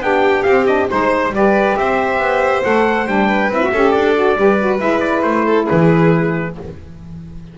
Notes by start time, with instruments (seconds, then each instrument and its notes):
0.00 double bass B3, saxophone D4, violin G4, trumpet G5
0.43 double bass C4, saxophone C4, trumpet F5
0.66 saxophone D4, trumpet D#5
0.88 double bass G#3, saxophone D#4, violin C5, trumpet C5
1.30 double bass G3, saxophone G4, violin B4, trumpet D5
1.76 double bass C4, violin C5, trumpet E5
2.20 double bass B3
2.64 double bass A3, saxophone A4, trumpet F#5
3.06 double bass G3, saxophone D4, trumpet G5
3.27 violin B4
3.48 double bass C4, saxophone E4, trumpet E5
3.62 saxophone F#4
3.72 double bass C#4, saxophone G4, violin A4
3.91 double bass D4, trumpet D5
4.15 saxophone F#4
4.36 double bass G3, saxophone G4, violin B4
4.59 saxophone F#4
4.79 double bass G#3, saxophone E4, trumpet E5
5.00 trumpet D5
5.22 double bass A3, trumpet C5
5.45 violin A4
5.66 double bass E3, violin G#4, trumpet B4